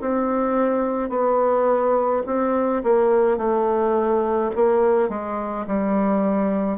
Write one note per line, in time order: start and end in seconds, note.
0.00 1.09 C4
1.09 2.22 B3
2.26 2.83 C4
2.83 3.37 A#3
3.37 4.50 A3
4.55 5.09 A#3
5.09 5.66 G#3
5.67 6.78 G3